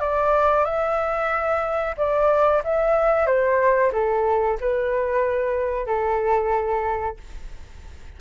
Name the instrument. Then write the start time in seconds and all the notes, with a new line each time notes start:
flute
0.00 D5
0.65 E5
1.97 D5
2.64 E5
3.26 C5
3.93 A4
4.60 B4
5.86 A4